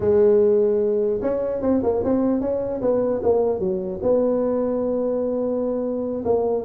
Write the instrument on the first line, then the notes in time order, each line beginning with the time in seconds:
tuba
0.00 G#3
1.21 C#4
1.61 C4
1.83 A#3
2.04 C4
2.40 C#4
2.81 B3
3.23 A#3
3.59 F#3
4.02 B3
6.25 A#3